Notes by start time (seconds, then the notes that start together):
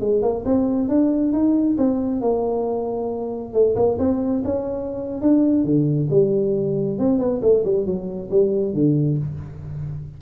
0.00 G#3
0.22 A#3
0.45 C4
0.88 D4
1.32 D#4
1.78 C4
2.21 A#3
3.53 A3
3.76 A#3
3.98 C4
4.44 C#4
5.21 D4
5.64 D3
6.10 G3
6.98 C4
7.18 B3
7.41 A3
7.64 G3
7.85 F#3
8.30 G3
8.73 D3